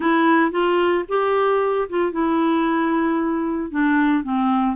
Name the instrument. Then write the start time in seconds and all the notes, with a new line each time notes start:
clarinet
0.00 E4
0.51 F4
1.08 G4
1.89 F4
2.12 E4
3.70 D4
4.23 C4